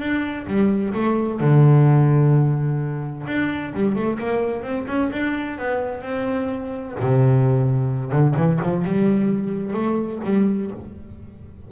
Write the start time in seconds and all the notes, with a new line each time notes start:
0.00 D4
0.47 G3
0.94 A3
1.40 D3
3.27 D4
3.74 G3
3.96 A3
4.19 A#3
4.63 C4
4.88 C#4
5.12 D4
5.58 B3
6.02 C4
7.00 C3
8.12 D3
8.37 E3
8.63 F3
8.85 G3
9.74 A3
10.25 G3